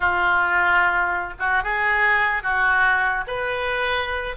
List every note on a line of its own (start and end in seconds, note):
0.00 1.33 F4
1.39 1.63 F#4
1.63 2.42 G#4
2.42 3.24 F#4
3.27 4.36 B4